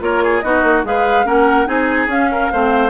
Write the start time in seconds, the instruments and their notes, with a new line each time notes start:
0.00 bassoon A#3, clarinet F4, oboe A#4, flute C#5
0.23 oboe G#4
0.40 bassoon B3, clarinet D#4, oboe F#4, flute D#5
0.63 bassoon A#3
0.84 bassoon G#3, clarinet G#4, oboe B4, flute F5
1.25 bassoon A#3, clarinet C#4, oboe A#4, flute F#5
1.66 bassoon C4, clarinet D#4, oboe G#4, flute G#5
2.07 bassoon C#4, clarinet C#4, flute F5
2.31 oboe A#4
2.52 bassoon A3, clarinet C4, oboe C5